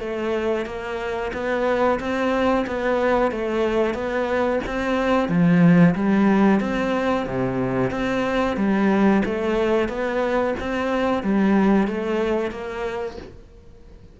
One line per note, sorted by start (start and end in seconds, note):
0.00 0.66 A3
0.66 1.32 A#3
1.34 2.00 B3
2.00 2.66 C4
2.66 3.31 B3
3.31 3.94 A3
3.94 4.60 B3
4.67 5.29 C4
5.29 5.95 F3
5.95 6.60 G3
6.60 7.26 C4
7.26 7.91 C3
7.91 8.57 C4
8.57 9.22 G3
9.25 9.89 A3
9.89 10.55 B3
10.60 11.23 C4
11.23 11.87 G3
11.87 12.51 A3
12.51 13.17 A#3